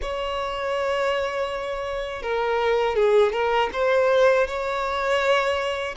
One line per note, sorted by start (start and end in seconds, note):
0.01 2.22 C#5
2.22 2.95 A#4
2.95 3.32 G#4
3.32 3.69 A#4
3.72 4.46 C5
4.47 5.95 C#5